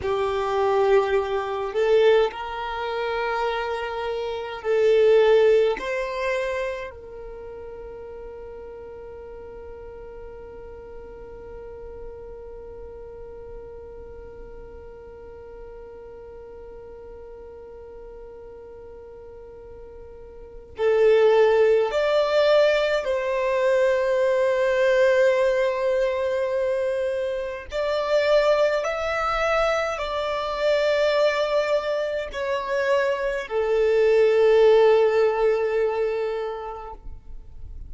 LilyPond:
\new Staff \with { instrumentName = "violin" } { \time 4/4 \tempo 4 = 52 g'4. a'8 ais'2 | a'4 c''4 ais'2~ | ais'1~ | ais'1~ |
ais'2 a'4 d''4 | c''1 | d''4 e''4 d''2 | cis''4 a'2. | }